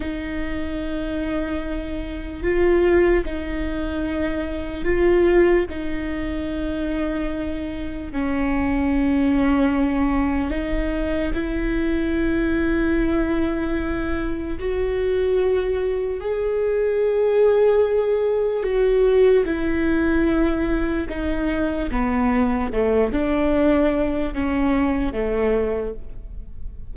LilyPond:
\new Staff \with { instrumentName = "viola" } { \time 4/4 \tempo 4 = 74 dis'2. f'4 | dis'2 f'4 dis'4~ | dis'2 cis'2~ | cis'4 dis'4 e'2~ |
e'2 fis'2 | gis'2. fis'4 | e'2 dis'4 b4 | a8 d'4. cis'4 a4 | }